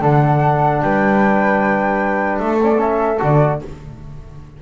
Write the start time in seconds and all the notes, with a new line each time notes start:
0.00 D3 D4 A4 F#5
0.82 G3 B4 G5
2.39 A3 A4 E5
2.62 C#4 D5
2.73 B3 C#4
2.81 E5
3.19 D3 F#4 D5